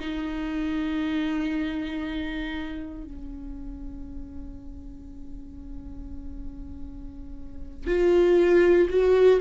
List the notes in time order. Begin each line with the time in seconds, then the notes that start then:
0.00 D#4
3.04 C#4
7.87 F4
8.90 F#4